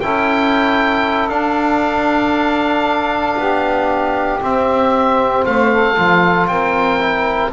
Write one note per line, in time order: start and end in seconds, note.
0.00 1.28 C#4
0.00 1.30 E4
0.00 3.39 A4
0.00 1.29 G5
1.28 3.35 D4
1.28 4.40 D4
1.28 4.39 F5
3.37 4.40 B3
3.37 5.45 G4
4.40 5.95 C4
4.40 5.45 C4
4.40 5.45 E5
5.45 5.98 A3
5.45 5.71 C5
5.45 6.47 F5
5.71 6.49 A4
5.95 6.48 F3
5.95 6.99 F4
6.47 7.51 C4
6.47 7.52 A#4
6.47 7.51 G5
6.99 7.51 E4